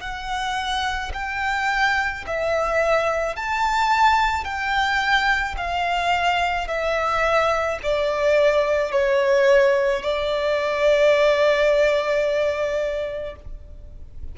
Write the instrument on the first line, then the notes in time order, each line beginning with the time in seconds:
violin
0.00 F#5
1.14 G5
2.27 E5
3.36 A5
4.44 G5
5.57 F5
6.68 E5
7.83 D5
8.91 C#5
10.03 D5